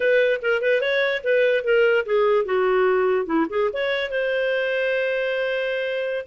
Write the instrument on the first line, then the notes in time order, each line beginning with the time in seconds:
clarinet
0.00 B4
0.42 A#4
0.61 B4
0.81 C#5
1.23 B4
1.63 A#4
2.05 G#4
2.45 F#4
3.26 E4
3.49 G#4
3.73 C#5
4.10 C5